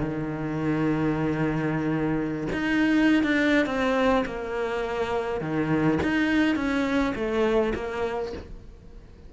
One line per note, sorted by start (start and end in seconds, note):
0.00 2.48 D#3
2.53 3.23 D#4
3.23 3.66 D4
3.66 4.24 C4
4.26 5.41 A#3
5.41 5.99 D#3
6.03 6.56 D#4
6.56 7.14 C#4
7.15 7.73 A3
7.75 8.33 A#3